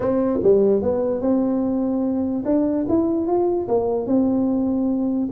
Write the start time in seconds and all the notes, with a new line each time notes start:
0.00 C4
0.43 G3
0.82 B3
1.21 C4
2.45 D4
2.88 E4
3.26 F4
3.68 A#3
4.06 C4